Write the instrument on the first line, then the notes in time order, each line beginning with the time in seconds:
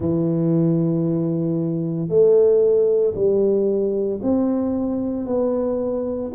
tuba
0.00 E3
2.09 A3
3.14 G3
4.22 C4
5.26 B3